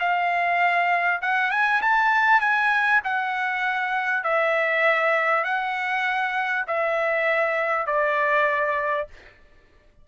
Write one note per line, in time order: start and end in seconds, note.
0.00 1.21 F5
1.22 1.51 F#5
1.51 1.82 G#5
1.82 2.41 A5
2.41 3.01 G#5
3.04 4.24 F#5
4.24 5.45 E5
5.45 6.66 F#5
6.68 7.87 E5
7.87 9.08 D5